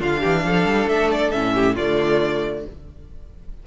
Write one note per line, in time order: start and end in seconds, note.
0.00 0.23 D3
0.00 1.32 D4
0.00 0.21 F4
0.00 0.89 F5
0.21 0.45 E3
0.21 0.43 G4
0.45 0.65 F3
0.45 1.54 A4
0.65 0.87 G3
0.88 1.32 A3
0.88 1.11 E5
1.12 1.31 D5
1.31 1.78 A2
1.31 1.77 C#4
1.31 1.75 E5
1.54 1.75 G4
1.75 2.66 D3
1.75 2.67 A3
1.75 2.64 F4
1.75 2.65 D5